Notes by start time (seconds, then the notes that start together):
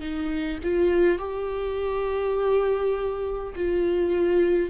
0.00 D#4
0.63 F4
1.19 G4
3.55 F4